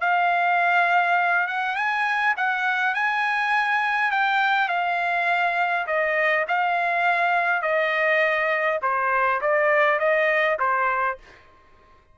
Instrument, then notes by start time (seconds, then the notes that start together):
trumpet
0.00 F5
1.47 F#5
1.75 G#5
2.36 F#5
2.94 G#5
4.11 G5
4.68 F5
5.86 D#5
6.47 F5
7.62 D#5
8.81 C5
9.41 D5
9.99 D#5
10.59 C5